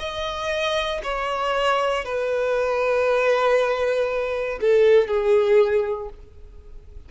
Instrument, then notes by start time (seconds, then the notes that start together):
violin
0.00 D#5
1.04 C#5
2.05 B4
4.61 A4
5.08 G#4